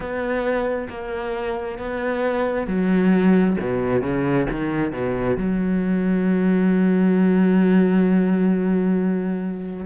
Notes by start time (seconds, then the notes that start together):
0.00 B3
0.89 A#3
1.78 B3
2.67 F#3
3.60 B2
4.02 C#3
4.50 D#3
4.92 B2
5.37 F#3